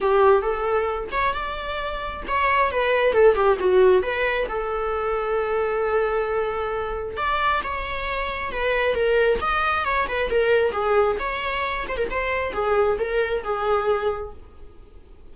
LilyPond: \new Staff \with { instrumentName = "viola" } { \time 4/4 \tempo 4 = 134 g'4 a'4. cis''8 d''4~ | d''4 cis''4 b'4 a'8 g'8 | fis'4 b'4 a'2~ | a'1 |
d''4 cis''2 b'4 | ais'4 dis''4 cis''8 b'8 ais'4 | gis'4 cis''4. c''16 ais'16 c''4 | gis'4 ais'4 gis'2 | }